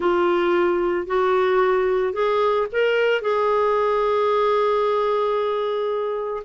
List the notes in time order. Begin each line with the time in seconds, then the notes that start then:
0.00 F4
1.06 F#4
2.13 G#4
2.72 A#4
3.21 G#4